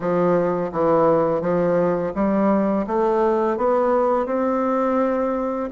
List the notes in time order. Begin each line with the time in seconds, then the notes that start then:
0.00 F3
0.71 E3
1.41 F3
2.14 G3
2.86 A3
3.57 B3
4.26 C4